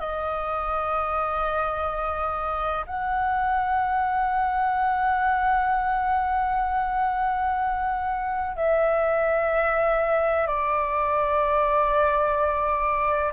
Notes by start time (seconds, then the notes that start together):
0.00 D#5
2.87 F#5
8.57 E5
10.47 D5